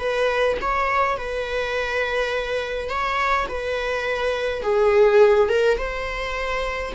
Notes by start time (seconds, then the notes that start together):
0.00 B4
0.62 C#5
1.18 B4
2.90 C#5
3.49 B4
4.63 G#4
5.49 A#4
5.78 C5